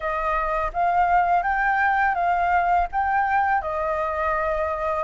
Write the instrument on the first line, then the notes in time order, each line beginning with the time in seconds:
flute
0.00 D#5
0.73 F5
1.42 G5
2.15 F5
2.91 G5
3.61 D#5